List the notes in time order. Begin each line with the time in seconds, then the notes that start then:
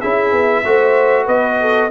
0.00 C#4 E4 G#4 E5
0.32 B3
0.65 A3 F#4 C5
1.25 B3 B4 D#5
1.61 A4